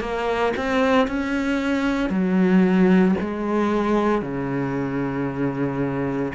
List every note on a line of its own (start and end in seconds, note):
0.00 0.53 A#3
0.57 1.07 C4
1.07 2.10 C#4
2.10 3.15 F#3
3.21 4.22 G#3
4.22 6.33 C#3